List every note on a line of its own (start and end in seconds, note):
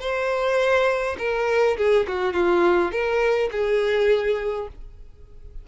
0.00 1.17 C5
1.18 1.77 A#4
1.77 2.06 G#4
2.08 2.33 F#4
2.33 2.91 F4
2.91 3.50 A#4
3.51 4.68 G#4